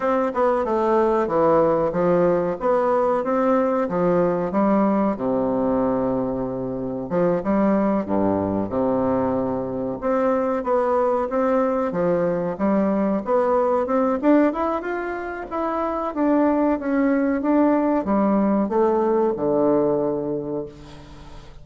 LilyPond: \new Staff \with { instrumentName = "bassoon" } { \time 4/4 \tempo 4 = 93 c'8 b8 a4 e4 f4 | b4 c'4 f4 g4 | c2. f8 g8~ | g8 g,4 c2 c'8~ |
c'8 b4 c'4 f4 g8~ | g8 b4 c'8 d'8 e'8 f'4 | e'4 d'4 cis'4 d'4 | g4 a4 d2 | }